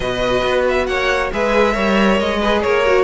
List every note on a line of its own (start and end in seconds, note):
0.00 0.43 B2
0.00 1.32 F#4
0.00 0.87 B4
0.00 0.66 D#5
0.44 0.87 B3
0.68 0.86 E5
0.86 1.31 A#3
0.86 1.32 C#5
0.86 1.30 F#5
1.32 1.76 G#3
1.32 1.72 G#4
1.32 1.73 B4
1.32 2.19 E5
1.72 2.20 G3
1.72 2.37 A#4
1.72 2.39 C#5
2.19 2.63 G#3
2.19 2.62 D#5
2.40 2.85 G#4
2.40 2.62 B4
2.62 3.04 A#3
2.62 3.04 A#4
2.62 3.04 C#5
2.85 3.04 F#4